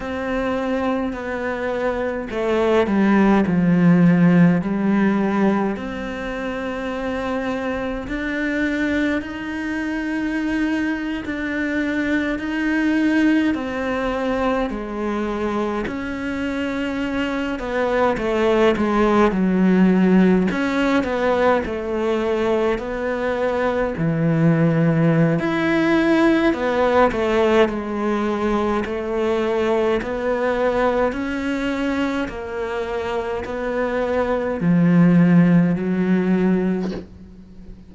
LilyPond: \new Staff \with { instrumentName = "cello" } { \time 4/4 \tempo 4 = 52 c'4 b4 a8 g8 f4 | g4 c'2 d'4 | dis'4.~ dis'16 d'4 dis'4 c'16~ | c'8. gis4 cis'4. b8 a16~ |
a16 gis8 fis4 cis'8 b8 a4 b16~ | b8. e4~ e16 e'4 b8 a8 | gis4 a4 b4 cis'4 | ais4 b4 f4 fis4 | }